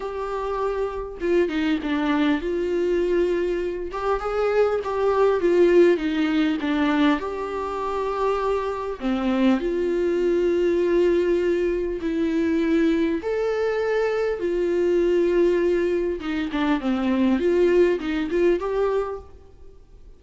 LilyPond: \new Staff \with { instrumentName = "viola" } { \time 4/4 \tempo 4 = 100 g'2 f'8 dis'8 d'4 | f'2~ f'8 g'8 gis'4 | g'4 f'4 dis'4 d'4 | g'2. c'4 |
f'1 | e'2 a'2 | f'2. dis'8 d'8 | c'4 f'4 dis'8 f'8 g'4 | }